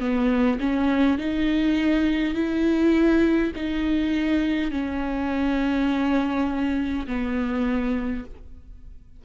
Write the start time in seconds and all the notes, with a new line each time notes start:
0.00 B3
0.59 C#4
1.18 D#4
2.34 E4
3.56 D#4
4.71 C#4
7.07 B3